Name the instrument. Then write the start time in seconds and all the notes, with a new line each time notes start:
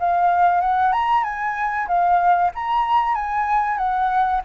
flute
0.00 F5
0.61 F#5
0.93 A#5
1.24 G#5
1.88 F5
2.55 A#5
3.15 G#5
3.78 F#5